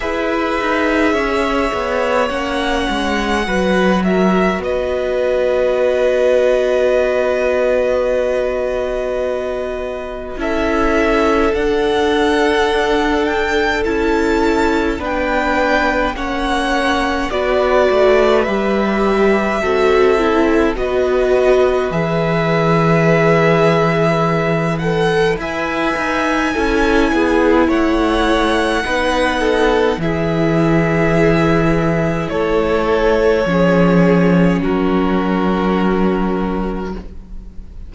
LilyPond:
<<
  \new Staff \with { instrumentName = "violin" } { \time 4/4 \tempo 4 = 52 e''2 fis''4. e''8 | dis''1~ | dis''4 e''4 fis''4. g''8 | a''4 g''4 fis''4 d''4 |
e''2 dis''4 e''4~ | e''4. fis''8 gis''2 | fis''2 e''2 | cis''2 ais'2 | }
  \new Staff \with { instrumentName = "violin" } { \time 4/4 b'4 cis''2 b'8 ais'8 | b'1~ | b'4 a'2.~ | a'4 b'4 cis''4 b'4~ |
b'4 a'4 b'2~ | b'2 e''4 a'8 gis'8 | cis''4 b'8 a'8 gis'2 | a'4 gis'4 fis'2 | }
  \new Staff \with { instrumentName = "viola" } { \time 4/4 gis'2 cis'4 fis'4~ | fis'1~ | fis'4 e'4 d'2 | e'4 d'4 cis'4 fis'4 |
g'4 fis'8 e'8 fis'4 gis'4~ | gis'4. a'8 b'4 e'4~ | e'4 dis'4 e'2~ | e'4 cis'2. | }
  \new Staff \with { instrumentName = "cello" } { \time 4/4 e'8 dis'8 cis'8 b8 ais8 gis8 fis4 | b1~ | b4 cis'4 d'2 | cis'4 b4 ais4 b8 a8 |
g4 c'4 b4 e4~ | e2 e'8 dis'8 cis'8 b8 | a4 b4 e2 | a4 f4 fis2 | }
>>